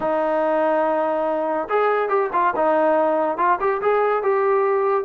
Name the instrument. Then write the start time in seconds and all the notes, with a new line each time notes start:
trombone
0.00 D#4
1.69 G#4
2.08 G4
2.33 F4
2.56 D#4
3.37 F4
3.60 G4
3.81 G#4
4.22 G4